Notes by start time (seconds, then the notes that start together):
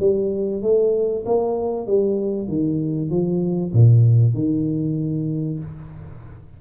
0.00 G3
0.62 A3
1.26 A#3
1.87 G3
2.49 D#3
3.10 F3
3.73 A#2
4.34 D#3